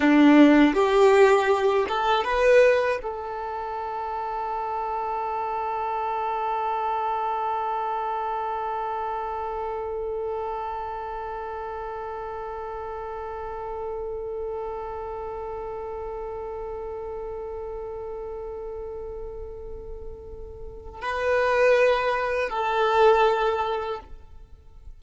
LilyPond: \new Staff \with { instrumentName = "violin" } { \time 4/4 \tempo 4 = 80 d'4 g'4. a'8 b'4 | a'1~ | a'1~ | a'1~ |
a'1~ | a'1~ | a'1 | b'2 a'2 | }